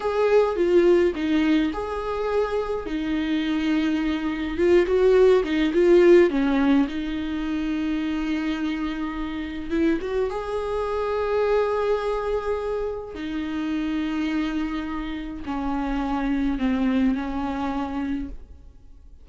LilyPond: \new Staff \with { instrumentName = "viola" } { \time 4/4 \tempo 4 = 105 gis'4 f'4 dis'4 gis'4~ | gis'4 dis'2. | f'8 fis'4 dis'8 f'4 cis'4 | dis'1~ |
dis'4 e'8 fis'8 gis'2~ | gis'2. dis'4~ | dis'2. cis'4~ | cis'4 c'4 cis'2 | }